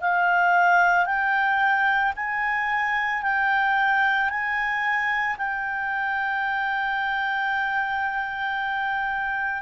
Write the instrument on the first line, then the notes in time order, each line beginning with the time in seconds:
clarinet
0.00 F5
1.06 G5
2.16 G#5
3.22 G5
4.30 G#5
5.38 G5